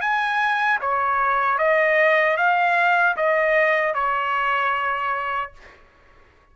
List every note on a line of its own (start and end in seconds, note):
0.00 0.79 G#5
0.81 1.58 C#5
1.58 2.37 D#5
2.37 3.16 F5
3.17 3.94 D#5
3.94 5.52 C#5